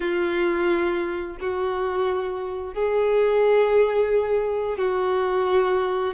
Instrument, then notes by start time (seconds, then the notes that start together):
violin
0.00 F4
1.40 F#4
2.74 G#4
4.77 F#4